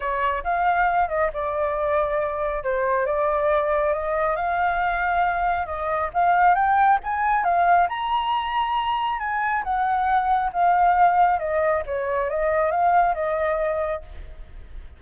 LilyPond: \new Staff \with { instrumentName = "flute" } { \time 4/4 \tempo 4 = 137 cis''4 f''4. dis''8 d''4~ | d''2 c''4 d''4~ | d''4 dis''4 f''2~ | f''4 dis''4 f''4 g''4 |
gis''4 f''4 ais''2~ | ais''4 gis''4 fis''2 | f''2 dis''4 cis''4 | dis''4 f''4 dis''2 | }